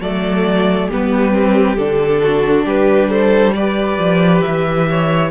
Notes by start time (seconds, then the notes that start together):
0.00 F#3 A3 A4 D5
0.88 G3 B3 G4 B4
1.31 C4
1.76 D3 D4 A4
2.23 F#4
2.65 G3 G4 B4
3.09 A4 C5
3.53 G4 B4 D5
3.97 F3
4.41 E3 E5
4.90 C#5